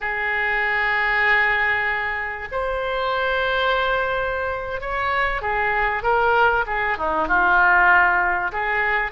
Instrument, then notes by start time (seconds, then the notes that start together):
oboe
0.01 G#4
2.51 C5
4.81 C#5
5.41 G#4
6.03 A#4
6.66 G#4
6.97 D#4
7.27 F4
8.51 G#4